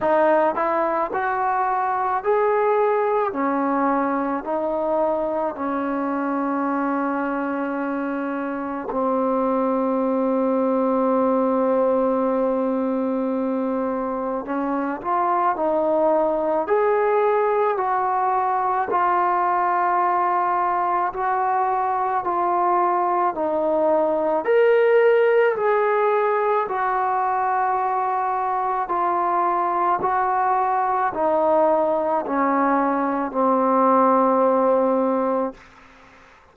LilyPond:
\new Staff \with { instrumentName = "trombone" } { \time 4/4 \tempo 4 = 54 dis'8 e'8 fis'4 gis'4 cis'4 | dis'4 cis'2. | c'1~ | c'4 cis'8 f'8 dis'4 gis'4 |
fis'4 f'2 fis'4 | f'4 dis'4 ais'4 gis'4 | fis'2 f'4 fis'4 | dis'4 cis'4 c'2 | }